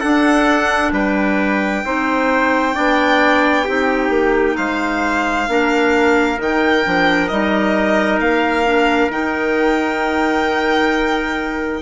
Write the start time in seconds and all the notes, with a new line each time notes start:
0.00 D4 A4 F#5
0.92 G3 B4 G5
1.85 C4 D#4 C5
2.74 B3 D4 D5
3.65 C4 D#4 G4
4.09 A#3
4.57 G#3 C5 F5
5.48 A#3 D4 A#4
6.37 D#3 D#4 G5
6.84 F3 D4
7.28 G3 D#4 D#5
8.20 A#3 F5
8.66 D4
9.09 D#3 D#4 G5